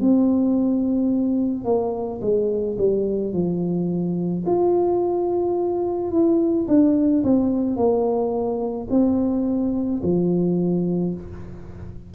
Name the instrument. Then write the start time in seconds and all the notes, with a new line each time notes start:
tuba
0.00 C4
1.64 A#3
2.21 G#3
2.78 G3
3.33 F3
4.45 F4
6.11 E4
6.67 D4
7.23 C4
7.76 A#3
8.89 C4
10.03 F3